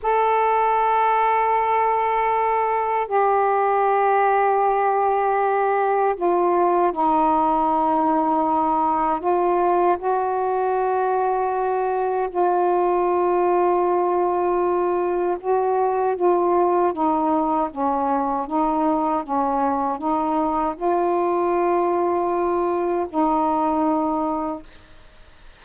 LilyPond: \new Staff \with { instrumentName = "saxophone" } { \time 4/4 \tempo 4 = 78 a'1 | g'1 | f'4 dis'2. | f'4 fis'2. |
f'1 | fis'4 f'4 dis'4 cis'4 | dis'4 cis'4 dis'4 f'4~ | f'2 dis'2 | }